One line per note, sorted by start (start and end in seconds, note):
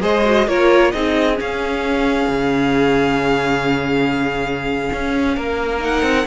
0.00 0.47 G#3
0.00 0.23 G#4
0.00 0.47 C5
0.00 0.48 D#5
0.25 0.48 F#4
0.47 0.93 A#3
0.47 0.93 F4
0.47 0.93 A#4
0.47 0.91 C#5
0.91 1.39 C4
0.91 1.36 D#4
0.91 5.36 G#4
0.91 1.36 D#5
1.36 5.79 C#4
1.36 2.28 C#4
1.36 5.82 F5
2.28 4.89 C#3
4.92 5.37 C#4
5.36 6.02 A#3
5.36 6.26 A#4
5.79 6.25 D#4
5.79 6.26 F#5
6.02 6.25 C4